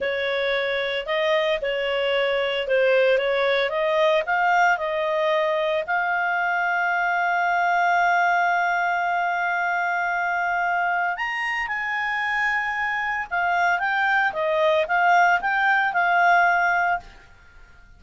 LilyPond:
\new Staff \with { instrumentName = "clarinet" } { \time 4/4 \tempo 4 = 113 cis''2 dis''4 cis''4~ | cis''4 c''4 cis''4 dis''4 | f''4 dis''2 f''4~ | f''1~ |
f''1~ | f''4 ais''4 gis''2~ | gis''4 f''4 g''4 dis''4 | f''4 g''4 f''2 | }